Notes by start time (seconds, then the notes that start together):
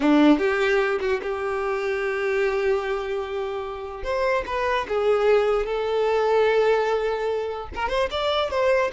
0.00 D4
0.38 G4
1.00 F#4
1.22 G4
4.03 C5
4.46 B4
4.88 G#4
5.66 A4
7.74 A#4
7.88 C5
8.10 D5
8.50 C5